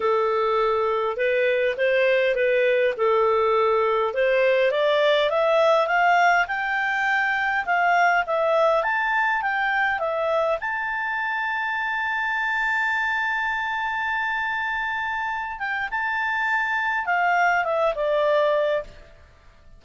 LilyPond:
\new Staff \with { instrumentName = "clarinet" } { \time 4/4 \tempo 4 = 102 a'2 b'4 c''4 | b'4 a'2 c''4 | d''4 e''4 f''4 g''4~ | g''4 f''4 e''4 a''4 |
g''4 e''4 a''2~ | a''1~ | a''2~ a''8 g''8 a''4~ | a''4 f''4 e''8 d''4. | }